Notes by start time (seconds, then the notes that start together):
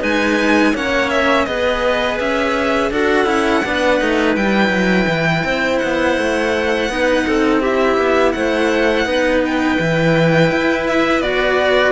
0.00 G#3 D#4 B4 G#5
0.74 A#3 C#4 C#5 F#5
1.09 E5
1.45 B3 G#4 B4 D#5
2.19 C#4 E5
2.91 D4 F#4 A4 F#5
3.25 C#4 E4
3.64 B3 D4 B4
4.00 A3 D#4
4.35 G3 E4 G5
4.69 F#3
5.07 E3
5.44 C4 C5
5.78 B3 F#5
6.18 A3
6.89 B3 D#4 B4
7.27 C4 A4
7.60 E4 G4 E5
7.97 B3
8.32 A3 C5 F#5
9.05 B3 D#4 B4
9.45 G5
9.78 E3 E4
10.50 E4
10.87 E5
11.20 B3 F#4 D5